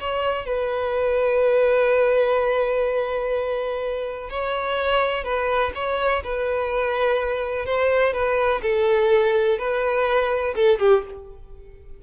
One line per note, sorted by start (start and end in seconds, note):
0.00 0.46 C#5
0.46 4.30 B4
4.30 5.24 C#5
5.24 5.72 B4
5.75 6.23 C#5
6.24 7.66 B4
7.66 8.13 C5
8.13 8.61 B4
8.63 9.59 A4
9.59 10.55 B4
10.56 10.79 A4
10.79 11.03 G4